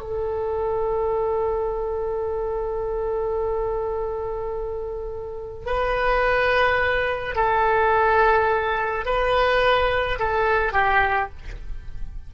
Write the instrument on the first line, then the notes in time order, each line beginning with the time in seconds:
oboe
0.00 A4
5.66 B4
7.36 A4
9.06 B4
10.19 A4
10.72 G4